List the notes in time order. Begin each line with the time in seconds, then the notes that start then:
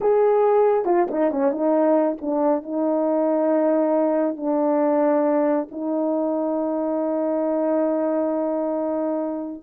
0.00 G#4
0.85 F4
1.10 D#4
1.31 C#4
1.51 D#4
2.21 D4
2.63 D#4
4.36 D4
5.71 D#4